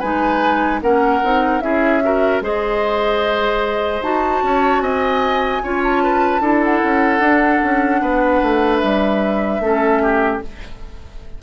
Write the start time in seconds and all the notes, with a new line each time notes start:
0.00 G#3 D#4 B4 G#5
0.82 A#3 C#4 A#4 F#5
1.24 C4 D#4
1.61 C#4 E4 G#4 E5
2.04 F#4 A#4
2.41 G#3 G#4 C5 D#5
4.02 D#4 F#4 A5
4.43 C#4 C#5
4.81 C4 D#5 G#5
5.64 C#4 F4 C#5
5.84 A5
6.04 B4
6.41 D4 E4 A4
6.64 F#5
6.84 C#4
7.20 D4
7.64 C#4
8.01 B3 B4
8.43 A3
8.79 G3 E5
9.60 A3 C#4 A4
10.03 G4